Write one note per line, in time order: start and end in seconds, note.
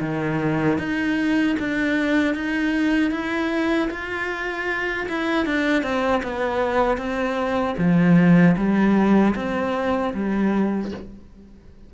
0.00 0.78 D#3
0.78 1.56 D#4
1.59 2.35 D4
2.35 3.11 D#4
3.11 3.89 E4
3.90 5.07 F4
5.09 5.46 E4
5.46 5.83 D4
5.83 6.22 C4
6.23 6.97 B3
6.97 7.75 C4
7.78 8.56 F3
8.57 9.35 G3
9.35 10.13 C4
10.14 10.92 G3